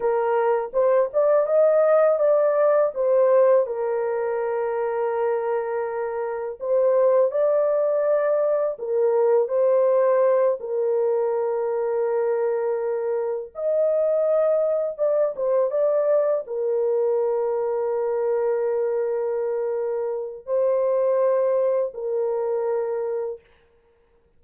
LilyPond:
\new Staff \with { instrumentName = "horn" } { \time 4/4 \tempo 4 = 82 ais'4 c''8 d''8 dis''4 d''4 | c''4 ais'2.~ | ais'4 c''4 d''2 | ais'4 c''4. ais'4.~ |
ais'2~ ais'8 dis''4.~ | dis''8 d''8 c''8 d''4 ais'4.~ | ais'1 | c''2 ais'2 | }